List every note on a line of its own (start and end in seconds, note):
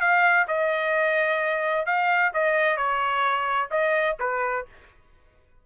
0.00 0.46 F5
0.47 1.86 D#5
1.86 2.32 F5
2.33 2.77 D#5
2.77 3.69 C#5
3.70 4.17 D#5
4.19 4.66 B4